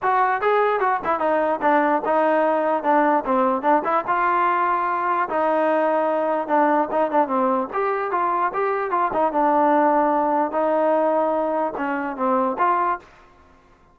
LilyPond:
\new Staff \with { instrumentName = "trombone" } { \time 4/4 \tempo 4 = 148 fis'4 gis'4 fis'8 e'8 dis'4 | d'4 dis'2 d'4 | c'4 d'8 e'8 f'2~ | f'4 dis'2. |
d'4 dis'8 d'8 c'4 g'4 | f'4 g'4 f'8 dis'8 d'4~ | d'2 dis'2~ | dis'4 cis'4 c'4 f'4 | }